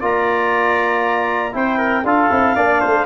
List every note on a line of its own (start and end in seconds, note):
0.00 1.54 A#3
0.00 1.52 F4
0.00 1.53 D5
0.00 1.54 A#5
1.52 2.03 C4
1.52 2.03 E4
1.52 1.78 C5
1.52 2.05 G5
1.78 2.03 A#4
2.03 2.29 D4
2.03 2.30 F4
2.03 2.55 A4
2.03 3.06 F5
2.30 2.56 C4
2.30 2.56 E4
2.55 2.82 A#3
2.55 3.06 D4
2.55 2.80 D5
2.80 3.06 A3
2.80 3.06 C5